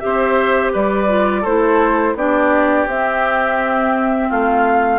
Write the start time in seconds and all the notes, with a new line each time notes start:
0.00 C4 G4 C5 E5
0.73 G3 B4 D5
1.08 F4
1.42 A3 E4 A4 C5
2.15 B3 D4 G4 D5
2.86 C4 E5
4.29 A3 F4 F5